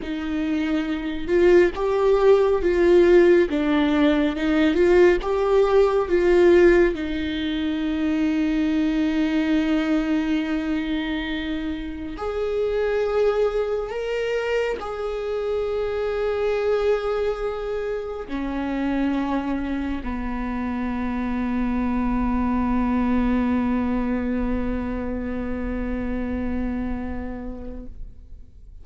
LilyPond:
\new Staff \with { instrumentName = "viola" } { \time 4/4 \tempo 4 = 69 dis'4. f'8 g'4 f'4 | d'4 dis'8 f'8 g'4 f'4 | dis'1~ | dis'2 gis'2 |
ais'4 gis'2.~ | gis'4 cis'2 b4~ | b1~ | b1 | }